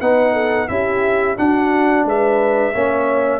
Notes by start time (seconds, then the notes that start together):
0.00 B3 D#4 B4 F#5
0.33 A4
0.68 C#4 E4 G4 E5
1.36 D4 F#4 F#5
2.05 G#3 B4 E5
2.74 A#3 C#4 C#5